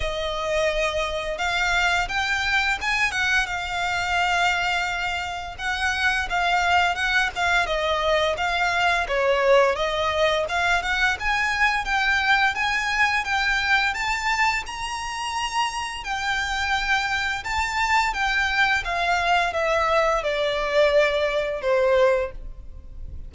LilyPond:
\new Staff \with { instrumentName = "violin" } { \time 4/4 \tempo 4 = 86 dis''2 f''4 g''4 | gis''8 fis''8 f''2. | fis''4 f''4 fis''8 f''8 dis''4 | f''4 cis''4 dis''4 f''8 fis''8 |
gis''4 g''4 gis''4 g''4 | a''4 ais''2 g''4~ | g''4 a''4 g''4 f''4 | e''4 d''2 c''4 | }